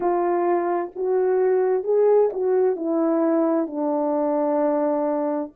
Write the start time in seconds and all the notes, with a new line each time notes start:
0.00 F4
0.95 F#4
1.83 G#4
2.32 F#4
2.75 E4
3.67 D4